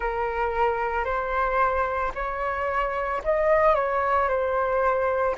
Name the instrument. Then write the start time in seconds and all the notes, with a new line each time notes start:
flute
0.00 A#4
1.04 C5
2.14 C#5
3.23 D#5
3.75 C#5
4.28 C5